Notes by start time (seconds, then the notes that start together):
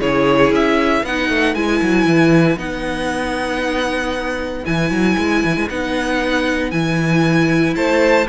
0.00 C#3 E4 G#4 C#5
0.51 C#4 E5
1.01 B3 D#4 B4 F#5
1.29 A3
1.54 G#3 E4 G#5
1.81 F#3
2.05 E3
2.57 B3 D#4 F#5
4.65 E3 E4 G#5
4.90 F#3
5.17 G#3
5.44 E3
5.56 G#3
5.69 B3 D#4 F#5
6.70 E3 E4 G#5
7.75 A3 C5 A5